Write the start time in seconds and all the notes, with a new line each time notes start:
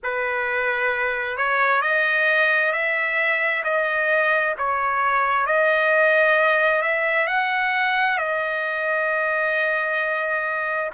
0.02 B4
1.37 C#5
1.81 D#5
2.72 E5
3.64 D#5
4.57 C#5
5.46 D#5
6.82 E5
7.27 F#5
8.17 D#5